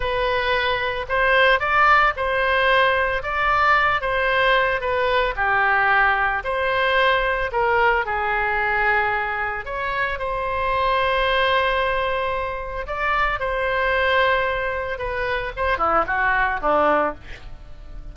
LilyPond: \new Staff \with { instrumentName = "oboe" } { \time 4/4 \tempo 4 = 112 b'2 c''4 d''4 | c''2 d''4. c''8~ | c''4 b'4 g'2 | c''2 ais'4 gis'4~ |
gis'2 cis''4 c''4~ | c''1 | d''4 c''2. | b'4 c''8 e'8 fis'4 d'4 | }